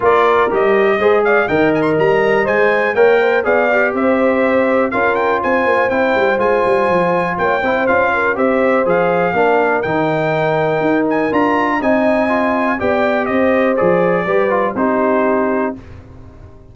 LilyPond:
<<
  \new Staff \with { instrumentName = "trumpet" } { \time 4/4 \tempo 4 = 122 d''4 dis''4. f''8 g''8 gis''16 c'''16 | ais''4 gis''4 g''4 f''4 | e''2 f''8 g''8 gis''4 | g''4 gis''2 g''4 |
f''4 e''4 f''2 | g''2~ g''8 gis''8 ais''4 | gis''2 g''4 dis''4 | d''2 c''2 | }
  \new Staff \with { instrumentName = "horn" } { \time 4/4 ais'2 c''8 d''8 dis''4~ | dis''2 cis''8 c''8 d''4 | c''2 ais'4 c''4~ | c''2. cis''8 c''8~ |
c''8 ais'8 c''2 ais'4~ | ais'1 | dis''2 d''4 c''4~ | c''4 b'4 g'2 | }
  \new Staff \with { instrumentName = "trombone" } { \time 4/4 f'4 g'4 gis'4 ais'4~ | ais'4 c''4 ais'4 gis'8 g'8~ | g'2 f'2 | e'4 f'2~ f'8 e'8 |
f'4 g'4 gis'4 d'4 | dis'2. f'4 | dis'4 f'4 g'2 | gis'4 g'8 f'8 dis'2 | }
  \new Staff \with { instrumentName = "tuba" } { \time 4/4 ais4 g4 gis4 dis4 | g4 gis4 ais4 b4 | c'2 cis'4 c'8 ais8 | c'8 g8 gis8 g8 f4 ais8 c'8 |
cis'4 c'4 f4 ais4 | dis2 dis'4 d'4 | c'2 b4 c'4 | f4 g4 c'2 | }
>>